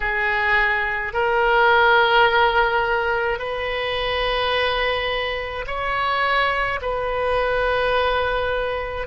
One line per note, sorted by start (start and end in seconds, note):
0.00 1.13 G#4
1.13 3.39 A#4
3.39 5.65 B4
5.66 6.79 C#5
6.81 9.07 B4